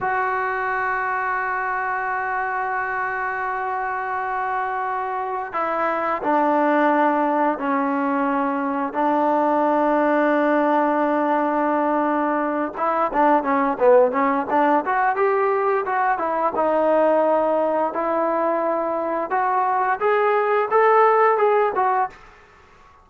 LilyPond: \new Staff \with { instrumentName = "trombone" } { \time 4/4 \tempo 4 = 87 fis'1~ | fis'1 | e'4 d'2 cis'4~ | cis'4 d'2.~ |
d'2~ d'8 e'8 d'8 cis'8 | b8 cis'8 d'8 fis'8 g'4 fis'8 e'8 | dis'2 e'2 | fis'4 gis'4 a'4 gis'8 fis'8 | }